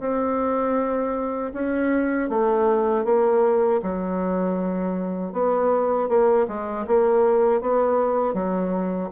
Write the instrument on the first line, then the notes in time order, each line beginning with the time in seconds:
bassoon
0.00 C4
1.54 C#4
2.29 A3
3.05 A#3
3.83 F#3
5.33 B3
6.09 A#3
6.48 G#3
6.87 A#3
7.61 B3
8.34 F#3